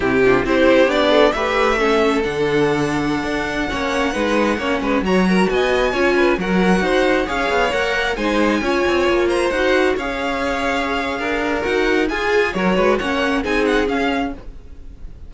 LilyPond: <<
  \new Staff \with { instrumentName = "violin" } { \time 4/4 \tempo 4 = 134 g'4 c''4 d''4 e''4~ | e''4 fis''2.~ | fis''2.~ fis''16 ais''8.~ | ais''16 gis''2 fis''4.~ fis''16~ |
fis''16 f''4 fis''4 gis''4.~ gis''16~ | gis''8. ais''8 fis''4 f''4.~ f''16~ | f''2 fis''4 gis''4 | cis''4 fis''4 gis''8 fis''8 f''4 | }
  \new Staff \with { instrumentName = "violin" } { \time 4/4 e'8 f'8 g'4. a'8 b'4 | a'1~ | a'16 cis''4 b'4 cis''8 b'8 cis''8 ais'16~ | ais'16 dis''4 cis''8 b'8 ais'4 c''8.~ |
c''16 cis''2 c''4 cis''8.~ | cis''8. c''4. cis''4.~ cis''16~ | cis''4 ais'2 gis'4 | ais'8 b'8 cis''4 gis'2 | }
  \new Staff \with { instrumentName = "viola" } { \time 4/4 c'8 d'8 e'4 d'4 g'4 | cis'4 d'2.~ | d'16 cis'4 dis'4 cis'4 fis'8.~ | fis'4~ fis'16 f'4 fis'4.~ fis'16~ |
fis'16 gis'4 ais'4 dis'4 f'8.~ | f'4~ f'16 fis'4 gis'4.~ gis'16~ | gis'2 fis'4 gis'4 | fis'4 cis'4 dis'4 cis'4 | }
  \new Staff \with { instrumentName = "cello" } { \time 4/4 c4 c'4 b4 a4~ | a4 d2~ d16 d'8.~ | d'16 ais4 gis4 ais8 gis8 fis8.~ | fis16 b4 cis'4 fis4 dis'8.~ |
dis'16 cis'8 b8 ais4 gis4 cis'8 c'16~ | c'16 ais4 dis'4 cis'4.~ cis'16~ | cis'4 d'4 dis'4 f'4 | fis8 gis8 ais4 c'4 cis'4 | }
>>